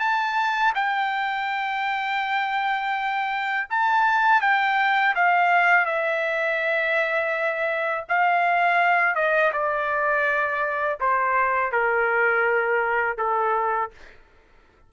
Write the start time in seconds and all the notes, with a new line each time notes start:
0.00 A5
0.75 G5
3.71 A5
4.41 G5
5.16 F5
5.86 E5
8.09 F5
9.15 D#5
9.53 D5
11.00 C5
11.72 A#4
13.18 A4